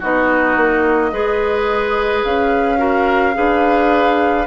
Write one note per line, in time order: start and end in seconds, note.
0.00 0.57 B3
0.00 1.12 D#4
0.00 1.11 F#4
0.00 2.25 D#5
0.57 1.12 A#3
1.12 2.24 G#3
1.12 2.78 G#4
1.12 2.79 B4
2.25 3.36 C#4
2.25 4.47 F5
2.78 3.34 F#4
2.78 3.35 A#4
3.34 4.47 D4
3.34 4.45 G#4
3.34 4.47 B4